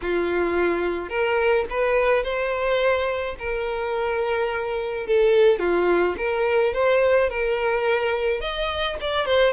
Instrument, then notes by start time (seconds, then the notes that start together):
violin
0.01 F4
1.09 A#4
1.70 B4
2.23 C5
3.38 A#4
5.06 A4
5.59 F4
6.17 A#4
6.73 C5
7.29 A#4
8.40 D#5
9.01 D5
9.25 C5